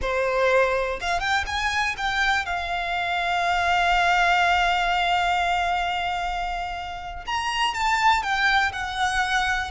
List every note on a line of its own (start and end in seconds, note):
0.01 1.00 C5
1.00 1.20 F5
1.20 1.44 G5
1.46 1.95 G#5
1.97 2.45 G5
2.45 7.25 F5
7.25 7.74 A#5
7.74 8.23 A5
8.23 8.72 G5
8.72 9.70 F#5